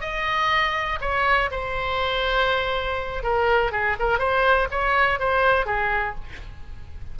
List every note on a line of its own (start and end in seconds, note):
0.00 0.98 D#5
1.01 1.50 C#5
1.50 3.23 C5
3.23 3.71 A#4
3.71 3.96 G#4
3.99 4.18 A#4
4.18 4.67 C5
4.71 5.19 C#5
5.19 5.66 C5
5.66 6.15 G#4